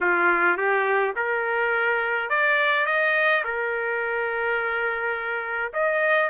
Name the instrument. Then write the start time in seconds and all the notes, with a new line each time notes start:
trumpet
0.00 F4
0.57 G4
1.16 A#4
2.29 D5
2.86 D#5
3.44 A#4
5.73 D#5